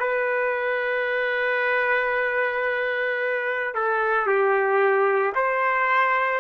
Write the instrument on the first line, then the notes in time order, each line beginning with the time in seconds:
trumpet
0.00 B4
3.75 A4
4.27 G4
5.36 C5